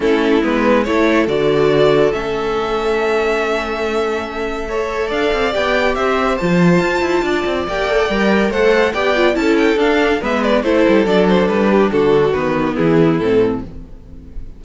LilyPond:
<<
  \new Staff \with { instrumentName = "violin" } { \time 4/4 \tempo 4 = 141 a'4 b'4 cis''4 d''4~ | d''4 e''2.~ | e''1 | f''4 g''4 e''4 a''4~ |
a''2 g''2 | fis''4 g''4 a''8 g''8 f''4 | e''8 d''8 c''4 d''8 c''8 b'4 | a'4 b'4 gis'4 a'4 | }
  \new Staff \with { instrumentName = "violin" } { \time 4/4 e'2 a'2~ | a'1~ | a'2. cis''4 | d''2 c''2~ |
c''4 d''2. | c''4 d''4 a'2 | b'4 a'2~ a'8 g'8 | fis'2 e'2 | }
  \new Staff \with { instrumentName = "viola" } { \time 4/4 cis'4 b4 e'4 fis'4~ | fis'4 cis'2.~ | cis'2. a'4~ | a'4 g'2 f'4~ |
f'2 g'8 a'8 ais'4 | a'4 g'8 f'8 e'4 d'4 | b4 e'4 d'2~ | d'4 b2 c'4 | }
  \new Staff \with { instrumentName = "cello" } { \time 4/4 a4 gis4 a4 d4~ | d4 a2.~ | a1 | d'8 c'8 b4 c'4 f4 |
f'8 e'8 d'8 c'8 ais4 g4 | a4 b4 cis'4 d'4 | gis4 a8 g8 fis4 g4 | d4 dis4 e4 a,4 | }
>>